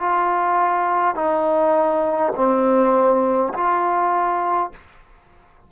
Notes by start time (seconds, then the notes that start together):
0.00 F4
1.16 D#4
2.36 C4
3.55 F4